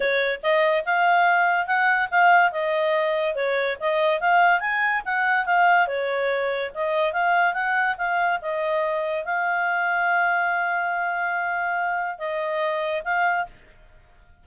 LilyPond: \new Staff \with { instrumentName = "clarinet" } { \time 4/4 \tempo 4 = 143 cis''4 dis''4 f''2 | fis''4 f''4 dis''2 | cis''4 dis''4 f''4 gis''4 | fis''4 f''4 cis''2 |
dis''4 f''4 fis''4 f''4 | dis''2 f''2~ | f''1~ | f''4 dis''2 f''4 | }